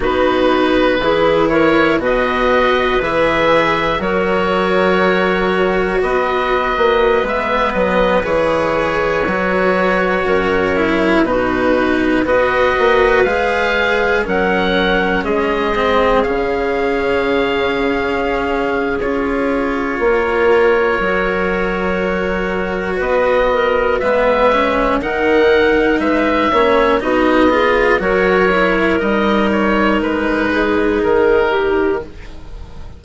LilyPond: <<
  \new Staff \with { instrumentName = "oboe" } { \time 4/4 \tempo 4 = 60 b'4. cis''8 dis''4 e''4 | cis''2 dis''4~ dis''16 e''8 dis''16~ | dis''16 cis''2. b'8.~ | b'16 dis''4 f''4 fis''4 dis''8.~ |
dis''16 f''2~ f''8. cis''4~ | cis''2. dis''4 | e''4 fis''4 e''4 dis''4 | cis''4 dis''8 cis''8 b'4 ais'4 | }
  \new Staff \with { instrumentName = "clarinet" } { \time 4/4 fis'4 gis'8 ais'8 b'2 | ais'2 b'2~ | b'2~ b'16 ais'4 fis'8.~ | fis'16 b'2 ais'4 gis'8.~ |
gis'1 | ais'2. b'8 ais'8 | b'4 ais'4 b'8 cis''8 fis'8 gis'8 | ais'2~ ais'8 gis'4 g'8 | }
  \new Staff \with { instrumentName = "cello" } { \time 4/4 dis'4 e'4 fis'4 gis'4 | fis'2.~ fis'16 b8.~ | b16 gis'4 fis'4. e'8 dis'8.~ | dis'16 fis'4 gis'4 cis'4. c'16~ |
c'16 cis'2~ cis'8. f'4~ | f'4 fis'2. | b8 cis'8 dis'4. cis'8 dis'8 f'8 | fis'8 e'8 dis'2. | }
  \new Staff \with { instrumentName = "bassoon" } { \time 4/4 b4 e4 b,4 e4 | fis2 b8. ais8 gis8 fis16~ | fis16 e4 fis4 fis,4 b,8.~ | b,16 b8 ais8 gis4 fis4 gis8.~ |
gis16 cis2~ cis8. cis'4 | ais4 fis2 b4 | gis4 dis4 gis8 ais8 b4 | fis4 g4 gis4 dis4 | }
>>